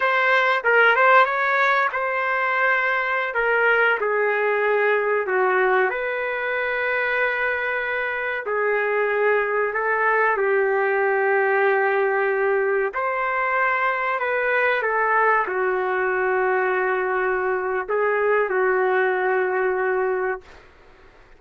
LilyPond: \new Staff \with { instrumentName = "trumpet" } { \time 4/4 \tempo 4 = 94 c''4 ais'8 c''8 cis''4 c''4~ | c''4~ c''16 ais'4 gis'4.~ gis'16~ | gis'16 fis'4 b'2~ b'8.~ | b'4~ b'16 gis'2 a'8.~ |
a'16 g'2.~ g'8.~ | g'16 c''2 b'4 a'8.~ | a'16 fis'2.~ fis'8. | gis'4 fis'2. | }